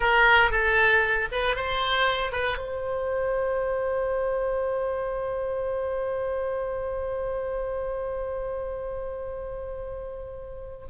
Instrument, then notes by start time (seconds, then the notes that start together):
oboe
0.00 A#4
0.51 A4
1.31 B4
1.56 C5
2.32 B4
2.57 C5